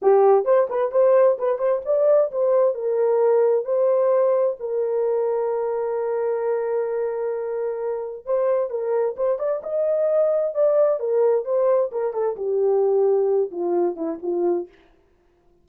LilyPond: \new Staff \with { instrumentName = "horn" } { \time 4/4 \tempo 4 = 131 g'4 c''8 b'8 c''4 b'8 c''8 | d''4 c''4 ais'2 | c''2 ais'2~ | ais'1~ |
ais'2 c''4 ais'4 | c''8 d''8 dis''2 d''4 | ais'4 c''4 ais'8 a'8 g'4~ | g'4. f'4 e'8 f'4 | }